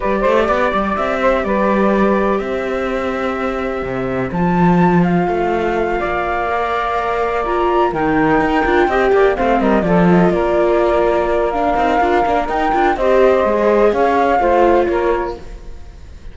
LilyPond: <<
  \new Staff \with { instrumentName = "flute" } { \time 4/4 \tempo 4 = 125 d''2 e''4 d''4~ | d''4 e''2.~ | e''4 a''4. f''4.~ | f''2.~ f''8 ais''8~ |
ais''8 g''2. f''8 | dis''8 d''8 dis''8 d''2~ d''8 | f''2 g''4 dis''4~ | dis''4 f''2 cis''4 | }
  \new Staff \with { instrumentName = "saxophone" } { \time 4/4 b'8 c''8 d''4. c''8 b'4~ | b'4 c''2.~ | c''1~ | c''8 d''2.~ d''8~ |
d''8 ais'2 dis''8 d''8 c''8 | ais'8 a'4 ais'2~ ais'8~ | ais'2. c''4~ | c''4 cis''4 c''4 ais'4 | }
  \new Staff \with { instrumentName = "viola" } { \time 4/4 g'1~ | g'1~ | g'4 f'2.~ | f'4. ais'2 f'8~ |
f'8 dis'4. f'8 g'4 c'8~ | c'8 f'2.~ f'8 | d'8 dis'8 f'8 d'8 dis'8 f'8 g'4 | gis'2 f'2 | }
  \new Staff \with { instrumentName = "cello" } { \time 4/4 g8 a8 b8 g8 c'4 g4~ | g4 c'2. | c4 f2 a4~ | a8 ais2.~ ais8~ |
ais8 dis4 dis'8 d'8 c'8 ais8 a8 | g8 f4 ais2~ ais8~ | ais8 c'8 d'8 ais8 dis'8 d'8 c'4 | gis4 cis'4 a4 ais4 | }
>>